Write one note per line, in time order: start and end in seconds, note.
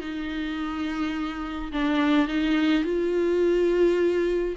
0.00 1.71 D#4
1.72 2.28 D4
2.28 2.84 D#4
2.84 4.55 F4